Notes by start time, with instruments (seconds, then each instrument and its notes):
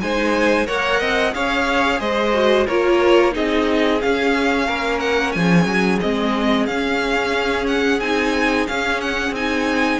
0.00 cello G#3, viola D#4, violin C5 G#5
0.66 cello A#3, viola A#4, violin C#5 F#5
0.99 cello C4, violin D#5
1.31 cello C#4, viola G#4, violin C#5 F5
2.00 cello G#3, violin C5 D#5
2.33 viola F#4
2.67 cello A#3, viola F4, violin A#4 C#5
3.31 cello C4, viola D#4, violin G#4 D#5
4.00 viola C#4, cello C#4, violin F5
4.66 cello A#3, violin A#4
4.99 violin F#5
5.32 cello F3, violin G#4 G#5
5.65 cello F#3
6.00 cello G#3, viola C4, violin D#5
6.66 cello C#4, viola C#4, violin F5
7.67 violin F#5
8.00 cello C4, viola D#4, violin G#5
8.67 viola C#4, cello C#4, violin F5
9.01 violin F#5
9.30 cello C4, viola D#4, violin G#5